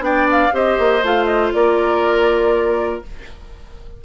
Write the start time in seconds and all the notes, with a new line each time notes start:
0.00 B3 D4 D5 G5
0.32 F5
0.52 C4 G4 C5 D#5
0.79 A#3
1.03 A3 F4 F5
1.26 D#5
1.53 A#3 A#4 D5